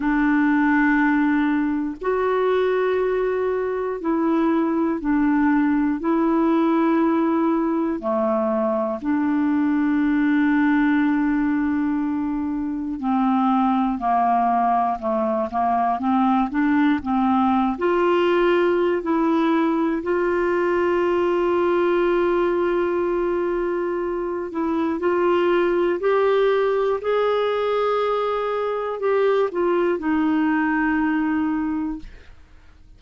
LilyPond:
\new Staff \with { instrumentName = "clarinet" } { \time 4/4 \tempo 4 = 60 d'2 fis'2 | e'4 d'4 e'2 | a4 d'2.~ | d'4 c'4 ais4 a8 ais8 |
c'8 d'8 c'8. f'4~ f'16 e'4 | f'1~ | f'8 e'8 f'4 g'4 gis'4~ | gis'4 g'8 f'8 dis'2 | }